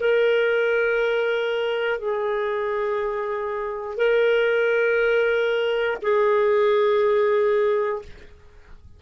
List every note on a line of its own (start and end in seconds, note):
0.00 1.99 A#4
1.99 3.97 G#4
3.97 5.97 A#4
6.01 8.01 G#4